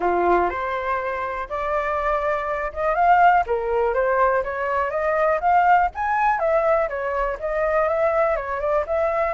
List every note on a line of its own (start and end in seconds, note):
0.00 0.49 F4
0.49 1.48 C5
1.49 2.72 D5
2.73 2.94 D#5
2.94 3.44 F5
3.46 3.93 A#4
3.93 4.43 C5
4.43 4.90 C#5
4.90 5.39 D#5
5.40 5.89 F5
5.95 6.39 G#5
6.39 6.88 E5
6.88 7.37 C#5
7.39 7.88 D#5
7.88 8.35 E5
8.35 8.60 C#5
8.60 8.84 D5
8.86 9.33 E5